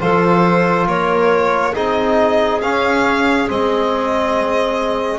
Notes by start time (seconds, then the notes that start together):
0.00 F3 F4 A4 C5
0.87 A#3 A#4 C#5
1.72 C4 D#4 G#4 D#5
2.62 C#4 F5
3.48 G#3 C4 D#5